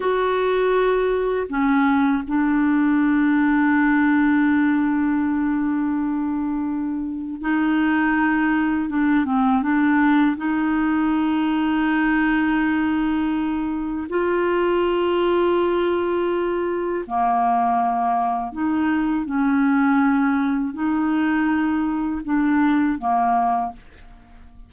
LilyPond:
\new Staff \with { instrumentName = "clarinet" } { \time 4/4 \tempo 4 = 81 fis'2 cis'4 d'4~ | d'1~ | d'2 dis'2 | d'8 c'8 d'4 dis'2~ |
dis'2. f'4~ | f'2. ais4~ | ais4 dis'4 cis'2 | dis'2 d'4 ais4 | }